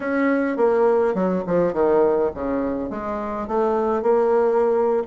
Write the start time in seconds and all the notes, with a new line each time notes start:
0.00 C#4
0.56 A#3
1.14 F#3
1.46 F3
1.73 D#3
2.34 C#3
2.90 G#3
3.47 A3
4.02 A#3